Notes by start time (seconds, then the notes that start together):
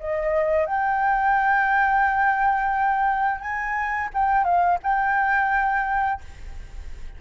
0.00 D#5
0.66 G5
3.41 G#5
4.14 G5
4.45 F5
4.83 G5